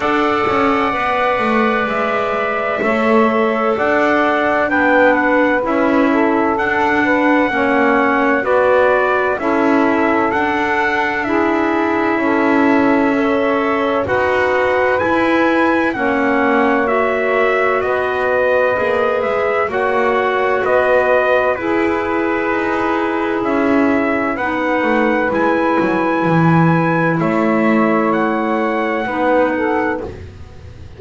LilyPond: <<
  \new Staff \with { instrumentName = "trumpet" } { \time 4/4 \tempo 4 = 64 fis''2 e''2 | fis''4 g''8 fis''8 e''4 fis''4~ | fis''4 d''4 e''4 fis''4 | e''2. fis''4 |
gis''4 fis''4 e''4 dis''4~ | dis''8 e''8 fis''4 dis''4 b'4~ | b'4 e''4 fis''4 gis''4~ | gis''4 e''4 fis''2 | }
  \new Staff \with { instrumentName = "saxophone" } { \time 4/4 d''2. cis''4 | d''4 b'4. a'4 b'8 | cis''4 b'4 a'2 | gis'4 a'4 cis''4 b'4~ |
b'4 cis''2 b'4~ | b'4 cis''4 b'4 gis'4~ | gis'2 b'2~ | b'4 cis''2 b'8 a'8 | }
  \new Staff \with { instrumentName = "clarinet" } { \time 4/4 a'4 b'2 a'4~ | a'4 d'4 e'4 d'4 | cis'4 fis'4 e'4 d'4 | e'2 a'4 fis'4 |
e'4 cis'4 fis'2 | gis'4 fis'2 e'4~ | e'2 dis'4 e'4~ | e'2. dis'4 | }
  \new Staff \with { instrumentName = "double bass" } { \time 4/4 d'8 cis'8 b8 a8 gis4 a4 | d'4 b4 cis'4 d'4 | ais4 b4 cis'4 d'4~ | d'4 cis'2 dis'4 |
e'4 ais2 b4 | ais8 gis8 ais4 b4 e'4 | dis'4 cis'4 b8 a8 gis8 fis8 | e4 a2 b4 | }
>>